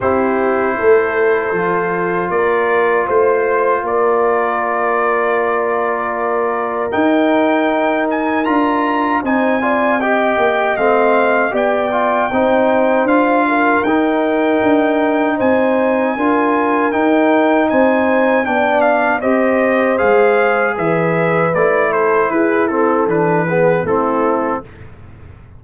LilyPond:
<<
  \new Staff \with { instrumentName = "trumpet" } { \time 4/4 \tempo 4 = 78 c''2. d''4 | c''4 d''2.~ | d''4 g''4. gis''8 ais''4 | gis''4 g''4 f''4 g''4~ |
g''4 f''4 g''2 | gis''2 g''4 gis''4 | g''8 f''8 dis''4 f''4 e''4 | d''8 c''8 b'8 a'8 b'4 a'4 | }
  \new Staff \with { instrumentName = "horn" } { \time 4/4 g'4 a'2 ais'4 | c''4 ais'2.~ | ais'1 | c''8 d''8 dis''2 d''4 |
c''4. ais'2~ ais'8 | c''4 ais'2 c''4 | d''4 c''2 b'4~ | b'8 a'8 gis'8 a'4 gis'8 e'4 | }
  \new Staff \with { instrumentName = "trombone" } { \time 4/4 e'2 f'2~ | f'1~ | f'4 dis'2 f'4 | dis'8 f'8 g'4 c'4 g'8 f'8 |
dis'4 f'4 dis'2~ | dis'4 f'4 dis'2 | d'4 g'4 gis'2 | e'4. c'8 d'8 b8 c'4 | }
  \new Staff \with { instrumentName = "tuba" } { \time 4/4 c'4 a4 f4 ais4 | a4 ais2.~ | ais4 dis'2 d'4 | c'4. ais8 a4 b4 |
c'4 d'4 dis'4 d'4 | c'4 d'4 dis'4 c'4 | b4 c'4 gis4 e4 | a4 e'4 e4 a4 | }
>>